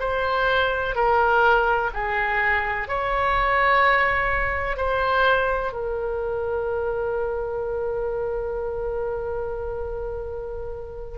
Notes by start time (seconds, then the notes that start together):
0.00 C5
0.95 A#4
1.94 G#4
2.88 C#5
4.77 C5
5.72 A#4